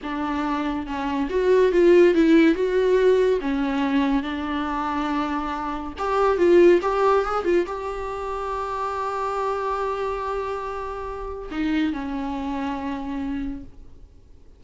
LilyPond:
\new Staff \with { instrumentName = "viola" } { \time 4/4 \tempo 4 = 141 d'2 cis'4 fis'4 | f'4 e'4 fis'2 | cis'2 d'2~ | d'2 g'4 f'4 |
g'4 gis'8 f'8 g'2~ | g'1~ | g'2. dis'4 | cis'1 | }